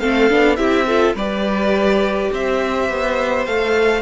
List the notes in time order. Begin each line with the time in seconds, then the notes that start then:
0.00 A3 C4 A4 F5
0.30 B3 D4
0.56 C4 E4 G4 E5
0.87 F4 A4
1.15 G3 G4 B4 D5
2.32 C4 C5 E5
2.90 B3
3.46 A3 A4 F5